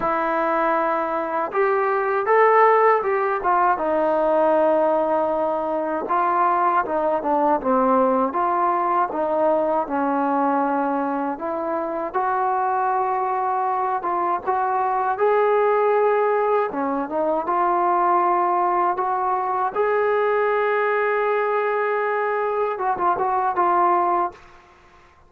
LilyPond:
\new Staff \with { instrumentName = "trombone" } { \time 4/4 \tempo 4 = 79 e'2 g'4 a'4 | g'8 f'8 dis'2. | f'4 dis'8 d'8 c'4 f'4 | dis'4 cis'2 e'4 |
fis'2~ fis'8 f'8 fis'4 | gis'2 cis'8 dis'8 f'4~ | f'4 fis'4 gis'2~ | gis'2 fis'16 f'16 fis'8 f'4 | }